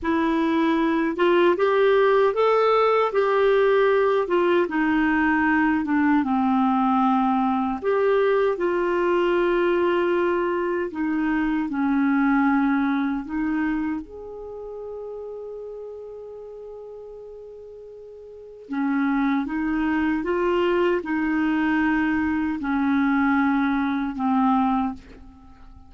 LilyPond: \new Staff \with { instrumentName = "clarinet" } { \time 4/4 \tempo 4 = 77 e'4. f'8 g'4 a'4 | g'4. f'8 dis'4. d'8 | c'2 g'4 f'4~ | f'2 dis'4 cis'4~ |
cis'4 dis'4 gis'2~ | gis'1 | cis'4 dis'4 f'4 dis'4~ | dis'4 cis'2 c'4 | }